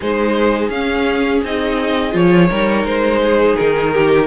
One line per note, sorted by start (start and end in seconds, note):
0.00 0.69 G#3
0.00 0.72 D#4
0.00 2.49 G#4
0.00 0.69 C5
0.69 1.40 C#4
0.69 1.44 C#4
0.69 1.41 F5
1.43 2.14 C4
1.43 2.11 D#4
1.43 2.15 D#5
2.11 2.49 F3
2.11 2.47 F4
2.11 2.86 C#5
2.49 2.84 G3
2.49 4.27 D#4
2.49 3.21 A#4
2.84 3.55 G#3
2.84 3.56 C5
3.23 3.93 G#4
3.56 4.27 D#3
3.56 4.27 A#4
3.93 4.27 G4